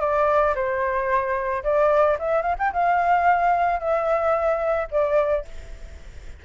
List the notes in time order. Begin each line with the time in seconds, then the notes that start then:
0.00 D5
0.55 C5
1.63 D5
2.19 E5
2.42 F5
2.58 G5
2.73 F5
3.80 E5
4.91 D5